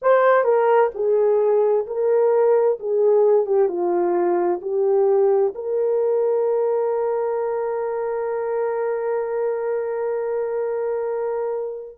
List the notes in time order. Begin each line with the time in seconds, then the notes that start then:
0.02 C5
0.44 A#4
0.94 G#4
1.86 A#4
2.79 G#4
3.46 G4
3.68 F4
4.62 G4
5.54 A#4